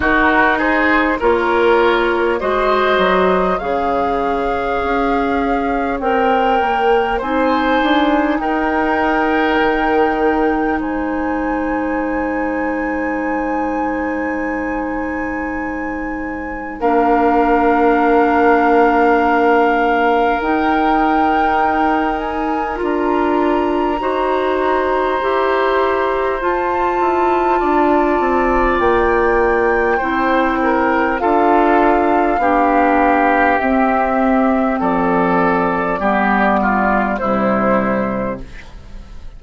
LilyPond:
<<
  \new Staff \with { instrumentName = "flute" } { \time 4/4 \tempo 4 = 50 ais'8 c''8 cis''4 dis''4 f''4~ | f''4 g''4 gis''4 g''4~ | g''4 gis''2.~ | gis''2 f''2~ |
f''4 g''4. gis''8 ais''4~ | ais''2 a''2 | g''2 f''2 | e''4 d''2 c''4 | }
  \new Staff \with { instrumentName = "oboe" } { \time 4/4 fis'8 gis'8 ais'4 c''4 cis''4~ | cis''2 c''4 ais'4~ | ais'4 c''2.~ | c''2 ais'2~ |
ais'1 | c''2. d''4~ | d''4 c''8 ais'8 a'4 g'4~ | g'4 a'4 g'8 f'8 e'4 | }
  \new Staff \with { instrumentName = "clarinet" } { \time 4/4 dis'4 f'4 fis'4 gis'4~ | gis'4 ais'4 dis'2~ | dis'1~ | dis'2 d'2~ |
d'4 dis'2 f'4 | fis'4 g'4 f'2~ | f'4 e'4 f'4 d'4 | c'2 b4 g4 | }
  \new Staff \with { instrumentName = "bassoon" } { \time 4/4 dis'4 ais4 gis8 fis8 cis4 | cis'4 c'8 ais8 c'8 d'8 dis'4 | dis4 gis2.~ | gis2 ais2~ |
ais4 dis'2 d'4 | dis'4 e'4 f'8 e'8 d'8 c'8 | ais4 c'4 d'4 b4 | c'4 f4 g4 c4 | }
>>